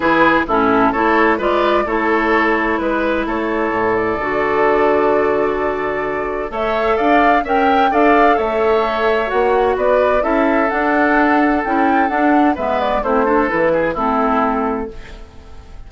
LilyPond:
<<
  \new Staff \with { instrumentName = "flute" } { \time 4/4 \tempo 4 = 129 b'4 a'4 cis''4 d''4 | cis''2 b'4 cis''4~ | cis''8 d''2.~ d''8~ | d''2 e''4 f''4 |
g''4 f''4 e''2 | fis''4 d''4 e''4 fis''4~ | fis''4 g''4 fis''4 e''8 d''8 | c''4 b'4 a'2 | }
  \new Staff \with { instrumentName = "oboe" } { \time 4/4 gis'4 e'4 a'4 b'4 | a'2 b'4 a'4~ | a'1~ | a'2 cis''4 d''4 |
e''4 d''4 cis''2~ | cis''4 b'4 a'2~ | a'2. b'4 | e'8 a'4 gis'8 e'2 | }
  \new Staff \with { instrumentName = "clarinet" } { \time 4/4 e'4 cis'4 e'4 f'4 | e'1~ | e'4 fis'2.~ | fis'2 a'2 |
ais'4 a'2. | fis'2 e'4 d'4~ | d'4 e'4 d'4 b4 | c'8 d'8 e'4 c'2 | }
  \new Staff \with { instrumentName = "bassoon" } { \time 4/4 e4 a,4 a4 gis4 | a2 gis4 a4 | a,4 d2.~ | d2 a4 d'4 |
cis'4 d'4 a2 | ais4 b4 cis'4 d'4~ | d'4 cis'4 d'4 gis4 | a4 e4 a2 | }
>>